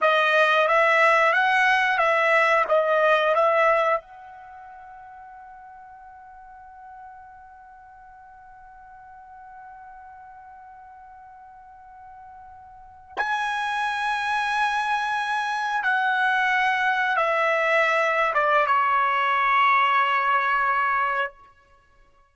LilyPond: \new Staff \with { instrumentName = "trumpet" } { \time 4/4 \tempo 4 = 90 dis''4 e''4 fis''4 e''4 | dis''4 e''4 fis''2~ | fis''1~ | fis''1~ |
fis''2.~ fis''8. gis''16~ | gis''2.~ gis''8. fis''16~ | fis''4.~ fis''16 e''4.~ e''16 d''8 | cis''1 | }